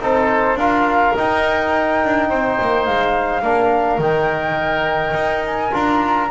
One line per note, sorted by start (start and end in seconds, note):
0.00 0.55 C4
0.00 0.57 D#4
0.00 0.58 A4
0.00 0.58 C5
0.55 1.12 D4
0.55 1.15 F4
0.55 2.29 A#4
0.55 1.15 F5
1.15 3.42 D#4
1.15 2.04 D#4
1.15 2.85 G5
2.04 2.30 D4
2.29 2.58 C4
2.29 3.42 C5
2.60 2.87 A#3
2.85 3.41 G#3
2.85 4.00 F5
3.41 3.98 A#3
3.41 3.99 D4
3.41 6.28 A#4
3.98 5.12 D#3
3.98 5.71 D#4
3.98 5.44 G5
5.14 5.71 D#4
5.46 5.74 G#5
5.71 6.30 D4
5.71 6.28 F4
5.71 6.30 A#5